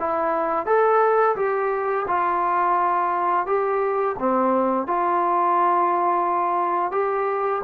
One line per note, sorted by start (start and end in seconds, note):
0.00 0.66 E4
0.66 1.36 A4
1.36 2.06 G4
2.08 3.47 F4
3.47 4.16 G4
4.19 4.87 C4
4.87 6.92 F4
6.92 7.62 G4